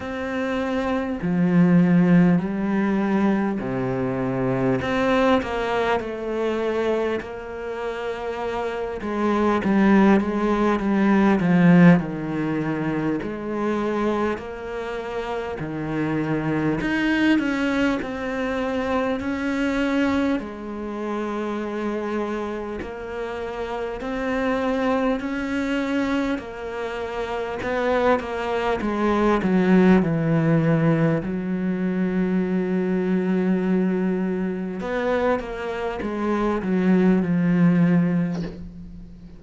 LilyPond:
\new Staff \with { instrumentName = "cello" } { \time 4/4 \tempo 4 = 50 c'4 f4 g4 c4 | c'8 ais8 a4 ais4. gis8 | g8 gis8 g8 f8 dis4 gis4 | ais4 dis4 dis'8 cis'8 c'4 |
cis'4 gis2 ais4 | c'4 cis'4 ais4 b8 ais8 | gis8 fis8 e4 fis2~ | fis4 b8 ais8 gis8 fis8 f4 | }